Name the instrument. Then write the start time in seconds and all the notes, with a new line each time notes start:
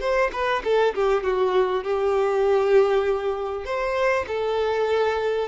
violin
0.00 C5
0.32 B4
0.64 A4
0.94 G4
1.23 F#4
1.83 G4
3.64 C5
4.27 A4